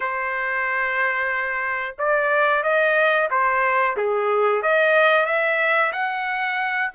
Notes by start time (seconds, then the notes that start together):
0.00 C5
1.98 D5
2.63 D#5
3.30 C5
3.96 G#4
4.62 D#5
5.26 E5
5.92 F#5